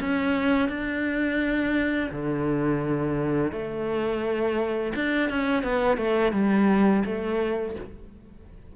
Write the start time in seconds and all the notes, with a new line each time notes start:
0.00 C#4
0.69 D4
2.11 D3
3.52 A3
4.95 D4
5.30 C#4
5.63 B3
5.97 A3
6.32 G3
7.05 A3